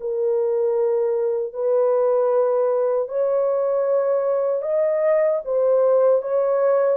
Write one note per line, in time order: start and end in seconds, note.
0.00 1.53 A#4
1.53 3.09 B4
3.09 4.62 C#5
4.62 5.40 D#5
5.45 6.22 C5
6.22 6.97 C#5